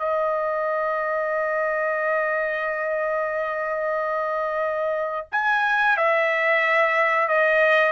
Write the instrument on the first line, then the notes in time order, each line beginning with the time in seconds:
trumpet
0.00 D#5
5.32 G#5
5.97 E5
7.29 D#5